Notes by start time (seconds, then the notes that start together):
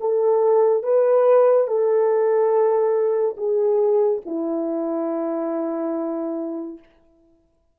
0.00 A4
0.83 B4
1.67 A4
3.37 G#4
4.26 E4